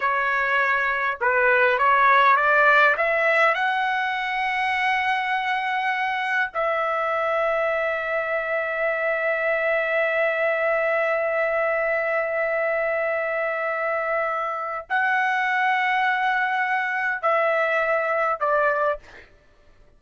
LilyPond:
\new Staff \with { instrumentName = "trumpet" } { \time 4/4 \tempo 4 = 101 cis''2 b'4 cis''4 | d''4 e''4 fis''2~ | fis''2. e''4~ | e''1~ |
e''1~ | e''1~ | e''4 fis''2.~ | fis''4 e''2 d''4 | }